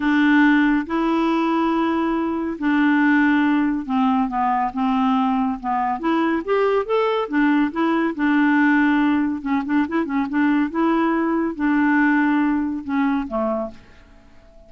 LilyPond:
\new Staff \with { instrumentName = "clarinet" } { \time 4/4 \tempo 4 = 140 d'2 e'2~ | e'2 d'2~ | d'4 c'4 b4 c'4~ | c'4 b4 e'4 g'4 |
a'4 d'4 e'4 d'4~ | d'2 cis'8 d'8 e'8 cis'8 | d'4 e'2 d'4~ | d'2 cis'4 a4 | }